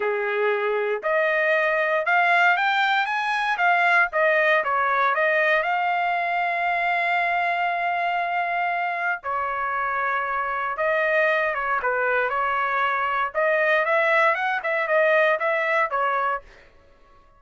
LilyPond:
\new Staff \with { instrumentName = "trumpet" } { \time 4/4 \tempo 4 = 117 gis'2 dis''2 | f''4 g''4 gis''4 f''4 | dis''4 cis''4 dis''4 f''4~ | f''1~ |
f''2 cis''2~ | cis''4 dis''4. cis''8 b'4 | cis''2 dis''4 e''4 | fis''8 e''8 dis''4 e''4 cis''4 | }